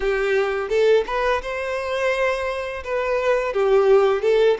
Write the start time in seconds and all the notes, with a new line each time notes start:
0.00 G4
0.69 A4
1.06 B4
1.42 C5
2.84 B4
3.53 G4
4.22 A4